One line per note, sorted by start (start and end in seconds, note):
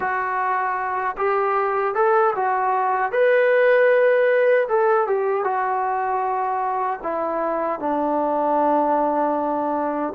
0.00 1.16 F#4
1.17 1.94 G4
1.94 2.33 A4
2.35 3.12 F#4
3.12 4.68 B4
4.68 5.07 A4
5.07 5.44 G4
5.44 7.00 F#4
7.02 7.79 E4
7.79 10.13 D4